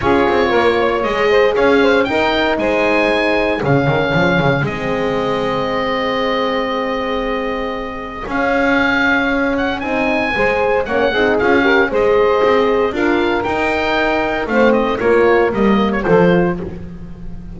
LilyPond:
<<
  \new Staff \with { instrumentName = "oboe" } { \time 4/4 \tempo 4 = 116 cis''2 dis''4 f''4 | g''4 gis''2 f''4~ | f''4 dis''2.~ | dis''1 |
f''2~ f''8 fis''8 gis''4~ | gis''4 fis''4 f''4 dis''4~ | dis''4 f''4 g''2 | f''8 dis''8 cis''4 dis''8. cis''16 c''4 | }
  \new Staff \with { instrumentName = "saxophone" } { \time 4/4 gis'4 ais'8 cis''4 c''8 cis''8 c''8 | ais'4 c''2 gis'4~ | gis'1~ | gis'1~ |
gis'1 | c''4 cis''8 gis'4 ais'8 c''4~ | c''4 ais'2. | c''4 ais'2 a'4 | }
  \new Staff \with { instrumentName = "horn" } { \time 4/4 f'2 gis'2 | dis'2. cis'4~ | cis'4 c'2.~ | c'1 |
cis'2. dis'4 | gis'4 cis'8 dis'8 f'8 g'8 gis'4~ | gis'4 f'4 dis'2 | c'4 f'4 ais4 f'4 | }
  \new Staff \with { instrumentName = "double bass" } { \time 4/4 cis'8 c'8 ais4 gis4 cis'4 | dis'4 gis2 cis8 dis8 | f8 cis8 gis2.~ | gis1 |
cis'2. c'4 | gis4 ais8 c'8 cis'4 gis4 | c'4 d'4 dis'2 | a4 ais4 g4 f4 | }
>>